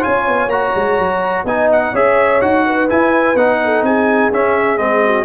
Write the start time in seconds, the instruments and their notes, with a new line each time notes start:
0.00 trombone F4, horn C#5, trumpet G#5
0.07 tuba C#4
0.28 tuba B3
0.47 tuba A#3, trombone F#4, trumpet A#5
0.75 tuba G#3
0.98 tuba F#3
1.44 tuba B3, trombone D#4, horn D#5, trumpet G#5
1.72 trumpet F#5
1.93 tuba C#4, trombone G#4, horn C#5, trumpet E5
2.41 tuba D#4, trombone F#4, trumpet F#5
2.66 horn B4
2.89 trombone E4, tuba E4, trumpet G#5
3.35 tuba B3, trombone D#4, trumpet F#5
3.64 horn A4
3.82 tuba C4, horn G#4, trumpet G#5
4.32 tuba C#4, trombone C#4, trumpet E5
4.78 tuba G#3, trombone C4, trumpet D#5
5.06 horn F#4